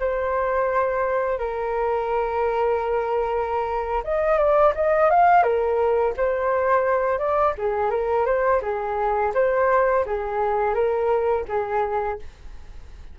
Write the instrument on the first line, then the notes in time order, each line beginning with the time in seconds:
flute
0.00 C5
1.39 A#4
4.04 D#5
4.38 D5
4.75 D#5
5.10 F5
5.43 A#4
6.17 C5
7.19 D5
7.58 G#4
7.91 A#4
8.26 C5
8.62 G#4
9.34 C5
10.06 G#4
10.74 A#4
11.48 G#4